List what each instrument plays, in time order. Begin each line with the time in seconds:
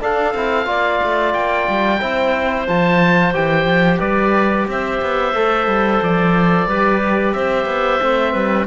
0.00 trombone D4, cello D4, clarinet A4, oboe F5
0.34 cello C4, trombone E4
0.65 cello A#3, trombone F4, clarinet D5
1.03 cello A3
1.33 cello A#3, oboe G5
1.68 cello G3
2.01 cello C4, trombone E4, clarinet C5
2.67 cello F3, trombone F4, oboe A5
3.33 cello E3, trombone G4, oboe G5
3.65 cello F3
3.99 cello G3, clarinet B4, oboe D5
4.67 cello C4, clarinet C5, oboe E5
5.01 cello B3
5.33 cello A3, trombone A4
5.67 cello G3
6.02 cello F3, oboe D5
6.66 cello G3, trombone G4, clarinet B4
7.32 cello C4, clarinet C5, oboe E5
7.65 cello B3
8.01 cello A3, trombone C4
8.32 cello G3, clarinet B4